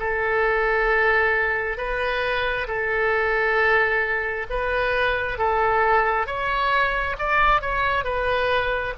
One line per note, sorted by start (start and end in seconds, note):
0.00 1.77 A4
1.77 2.67 B4
2.68 4.47 A4
4.50 5.39 B4
5.39 6.27 A4
6.27 7.16 C#5
7.19 7.62 D5
7.62 8.04 C#5
8.04 8.94 B4